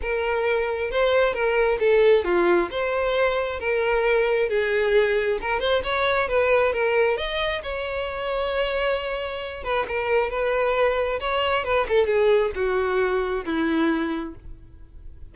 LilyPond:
\new Staff \with { instrumentName = "violin" } { \time 4/4 \tempo 4 = 134 ais'2 c''4 ais'4 | a'4 f'4 c''2 | ais'2 gis'2 | ais'8 c''8 cis''4 b'4 ais'4 |
dis''4 cis''2.~ | cis''4. b'8 ais'4 b'4~ | b'4 cis''4 b'8 a'8 gis'4 | fis'2 e'2 | }